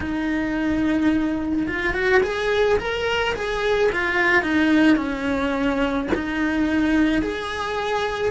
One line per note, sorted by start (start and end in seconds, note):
0.00 1.66 D#4
1.67 1.93 F4
1.93 2.21 F#4
2.22 2.78 G#4
2.79 3.34 A#4
3.34 3.90 G#4
3.91 4.42 F4
4.42 4.96 D#4
4.96 6.07 C#4
6.14 7.22 D#4
7.22 8.31 G#4